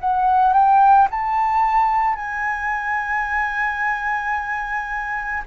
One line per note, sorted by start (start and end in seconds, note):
0.00 0.53 F#5
0.53 1.08 G5
1.11 2.16 A5
2.16 5.43 G#5